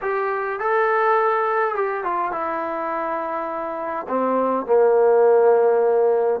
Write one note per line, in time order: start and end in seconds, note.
0.01 0.59 G4
0.59 1.75 A4
1.75 2.04 G4
2.04 2.31 F4
2.31 4.06 E4
4.08 4.66 C4
4.66 6.40 A#3